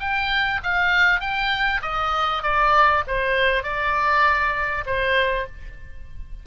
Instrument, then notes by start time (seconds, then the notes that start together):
oboe
0.00 G5
0.63 F5
1.20 G5
1.82 D#5
2.43 D5
3.07 C5
3.63 D5
4.86 C5